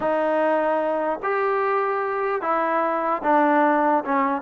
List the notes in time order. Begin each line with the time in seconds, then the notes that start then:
0.00 D#4
1.22 G4
2.41 E4
3.23 D4
4.04 C#4